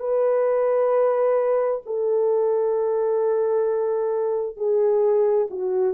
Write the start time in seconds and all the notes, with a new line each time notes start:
0.00 B4
1.86 A4
4.57 G#4
5.51 F#4